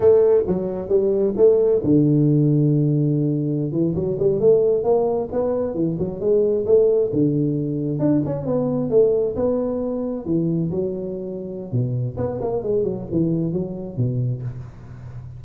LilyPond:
\new Staff \with { instrumentName = "tuba" } { \time 4/4 \tempo 4 = 133 a4 fis4 g4 a4 | d1~ | d16 e8 fis8 g8 a4 ais4 b16~ | b8. e8 fis8 gis4 a4 d16~ |
d4.~ d16 d'8 cis'8 b4 a16~ | a8. b2 e4 fis16~ | fis2 b,4 b8 ais8 | gis8 fis8 e4 fis4 b,4 | }